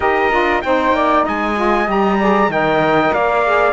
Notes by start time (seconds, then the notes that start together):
0.00 D#4 G4 A#4 D#5
0.31 D4 F4
0.61 C4 D#4 C5 G5
0.91 A#3 D5
1.24 G#3 D#5 G#5
1.56 F4
1.85 G3 G4 A#5
2.18 G#4 D5
2.47 D#3 A#4 D#5 G5
3.13 A#3 D5 F5
3.45 G#4